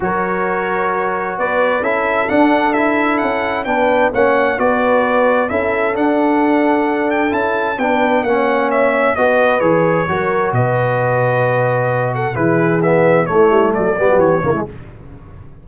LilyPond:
<<
  \new Staff \with { instrumentName = "trumpet" } { \time 4/4 \tempo 4 = 131 cis''2. d''4 | e''4 fis''4 e''4 fis''4 | g''4 fis''4 d''2 | e''4 fis''2~ fis''8 g''8 |
a''4 g''4 fis''4 e''4 | dis''4 cis''2 dis''4~ | dis''2~ dis''8 fis''8 b'4 | e''4 cis''4 d''4 cis''4 | }
  \new Staff \with { instrumentName = "horn" } { \time 4/4 ais'2. b'4 | a'1 | b'4 cis''4 b'2 | a'1~ |
a'4 b'4 cis''2 | b'2 ais'4 b'4~ | b'2~ b'8 a'8 gis'4~ | gis'4 e'4 a'8 g'4 e'8 | }
  \new Staff \with { instrumentName = "trombone" } { \time 4/4 fis'1 | e'4 d'4 e'2 | d'4 cis'4 fis'2 | e'4 d'2. |
e'4 d'4 cis'2 | fis'4 gis'4 fis'2~ | fis'2. e'4 | b4 a4. b4 ais16 gis16 | }
  \new Staff \with { instrumentName = "tuba" } { \time 4/4 fis2. b4 | cis'4 d'2 cis'4 | b4 ais4 b2 | cis'4 d'2. |
cis'4 b4 ais2 | b4 e4 fis4 b,4~ | b,2. e4~ | e4 a8 g8 fis8 g16 fis16 e8 cis8 | }
>>